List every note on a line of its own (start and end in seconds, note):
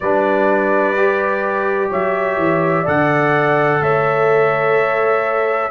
0.00 1.91 G3
0.00 0.96 D4
0.00 1.90 B4
0.00 1.90 D5
0.96 2.85 G4
1.90 2.37 F#3
1.90 2.82 C#5
1.90 2.87 E5
2.37 2.85 E3
2.82 3.80 D3
2.82 5.70 A4
2.82 3.77 D5
2.82 3.83 F#5
3.80 5.70 A3
3.80 5.70 C#5
3.80 5.70 E5